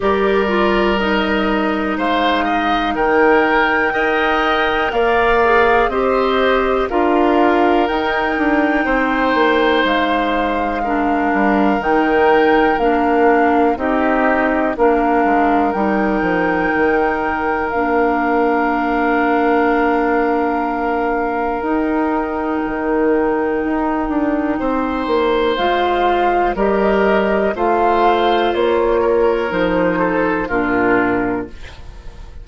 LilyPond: <<
  \new Staff \with { instrumentName = "flute" } { \time 4/4 \tempo 4 = 61 d''4 dis''4 f''4 g''4~ | g''4 f''4 dis''4 f''4 | g''2 f''2 | g''4 f''4 dis''4 f''4 |
g''2 f''2~ | f''2 g''2~ | g''2 f''4 dis''4 | f''4 cis''4 c''4 ais'4 | }
  \new Staff \with { instrumentName = "oboe" } { \time 4/4 ais'2 c''8 dis''8 ais'4 | dis''4 d''4 c''4 ais'4~ | ais'4 c''2 ais'4~ | ais'2 g'4 ais'4~ |
ais'1~ | ais'1~ | ais'4 c''2 ais'4 | c''4. ais'4 a'8 f'4 | }
  \new Staff \with { instrumentName = "clarinet" } { \time 4/4 g'8 f'8 dis'2. | ais'4. gis'8 g'4 f'4 | dis'2. d'4 | dis'4 d'4 dis'4 d'4 |
dis'2 d'2~ | d'2 dis'2~ | dis'2 f'4 g'4 | f'2 dis'4 d'4 | }
  \new Staff \with { instrumentName = "bassoon" } { \time 4/4 g2 gis4 dis4 | dis'4 ais4 c'4 d'4 | dis'8 d'8 c'8 ais8 gis4. g8 | dis4 ais4 c'4 ais8 gis8 |
g8 f8 dis4 ais2~ | ais2 dis'4 dis4 | dis'8 d'8 c'8 ais8 gis4 g4 | a4 ais4 f4 ais,4 | }
>>